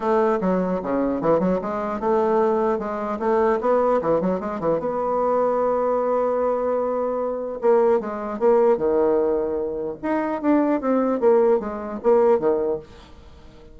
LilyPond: \new Staff \with { instrumentName = "bassoon" } { \time 4/4 \tempo 4 = 150 a4 fis4 cis4 e8 fis8 | gis4 a2 gis4 | a4 b4 e8 fis8 gis8 e8 | b1~ |
b2. ais4 | gis4 ais4 dis2~ | dis4 dis'4 d'4 c'4 | ais4 gis4 ais4 dis4 | }